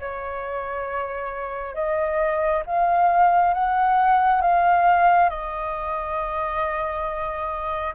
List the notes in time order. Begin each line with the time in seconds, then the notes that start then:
0.00 C#5
1.75 D#5
2.66 F5
3.54 F#5
4.42 F5
5.30 D#5